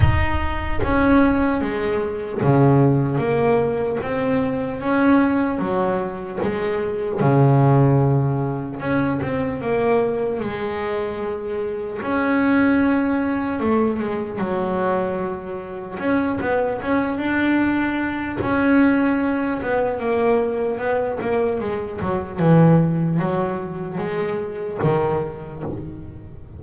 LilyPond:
\new Staff \with { instrumentName = "double bass" } { \time 4/4 \tempo 4 = 75 dis'4 cis'4 gis4 cis4 | ais4 c'4 cis'4 fis4 | gis4 cis2 cis'8 c'8 | ais4 gis2 cis'4~ |
cis'4 a8 gis8 fis2 | cis'8 b8 cis'8 d'4. cis'4~ | cis'8 b8 ais4 b8 ais8 gis8 fis8 | e4 fis4 gis4 dis4 | }